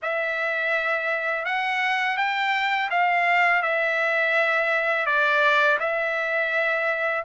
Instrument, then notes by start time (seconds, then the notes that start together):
trumpet
0.02 E5
1.45 F#5
2.17 G5
2.90 F5
3.62 E5
5.05 D5
5.79 E5